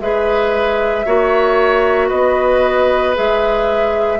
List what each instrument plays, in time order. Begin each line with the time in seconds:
0.00 bassoon G#3, clarinet G#4, oboe B4, flute E5
1.06 bassoon A#3, clarinet F#4, oboe C#5
2.08 bassoon B3, oboe B4, flute D#5
3.15 bassoon G#3, clarinet G#4, flute E5